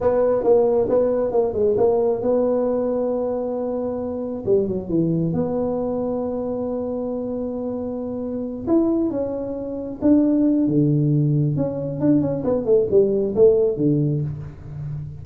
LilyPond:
\new Staff \with { instrumentName = "tuba" } { \time 4/4 \tempo 4 = 135 b4 ais4 b4 ais8 gis8 | ais4 b2.~ | b2 g8 fis8 e4 | b1~ |
b2.~ b8 e'8~ | e'8 cis'2 d'4. | d2 cis'4 d'8 cis'8 | b8 a8 g4 a4 d4 | }